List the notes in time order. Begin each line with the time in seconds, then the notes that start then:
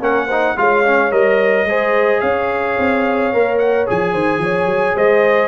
0.00 A#3 C#4 A#4 F#5
0.26 D#4 C5
0.56 G#3 F4 C#5 F5
0.85 C#4
1.11 G3 A#4 D#5
1.64 G#3 G#4 C5
2.20 C#4 C#5 F5
2.78 C4
3.33 A#3 A#4
3.58 F#5
3.86 F3 G#4 G#5
4.13 D#3 C5
4.38 F3 C#5
4.65 F#3
4.95 G#3 C5 D#5